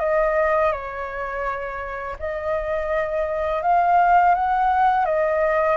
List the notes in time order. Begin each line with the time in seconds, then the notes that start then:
0.00 D#5
0.72 C#5
2.19 D#5
3.62 F5
4.35 F#5
5.05 D#5